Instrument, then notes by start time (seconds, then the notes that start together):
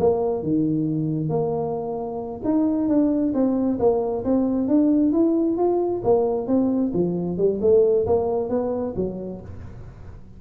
tuba
0.00 A#3
0.43 D#3
1.30 A#3
2.45 D#4
2.89 D4
3.34 C4
3.80 A#3
4.25 C4
4.68 D4
5.13 E4
5.57 F4
6.04 A#3
6.47 C4
6.94 F3
7.38 G3
7.62 A3
8.07 A#3
8.50 B3
8.96 F#3